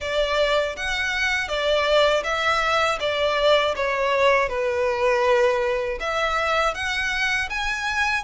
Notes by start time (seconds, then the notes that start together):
0.00 D5
0.76 F#5
1.48 D5
2.23 E5
3.00 D5
3.75 C#5
4.49 B4
6.00 E5
6.74 F#5
7.49 G#5